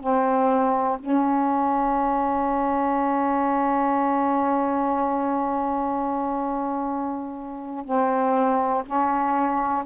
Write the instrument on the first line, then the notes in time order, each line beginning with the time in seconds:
saxophone
0.00 C4
1.00 C#4
7.85 C4
8.86 C#4